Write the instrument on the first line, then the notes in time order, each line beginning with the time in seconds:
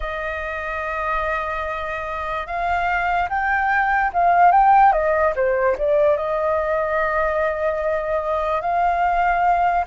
flute
0.00 D#5
2.47 F5
3.29 G5
4.13 F5
4.51 G5
4.92 D#5
5.35 C5
5.78 D5
6.16 D#5
8.61 F5